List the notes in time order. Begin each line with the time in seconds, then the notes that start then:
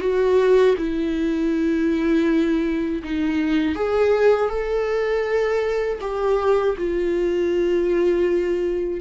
0.00 F#4
0.77 E4
3.03 D#4
3.75 G#4
4.49 A4
6.01 G4
6.77 F4